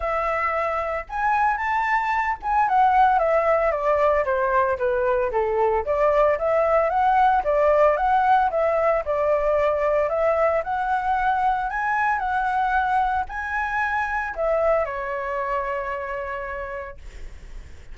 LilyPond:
\new Staff \with { instrumentName = "flute" } { \time 4/4 \tempo 4 = 113 e''2 gis''4 a''4~ | a''8 gis''8 fis''4 e''4 d''4 | c''4 b'4 a'4 d''4 | e''4 fis''4 d''4 fis''4 |
e''4 d''2 e''4 | fis''2 gis''4 fis''4~ | fis''4 gis''2 e''4 | cis''1 | }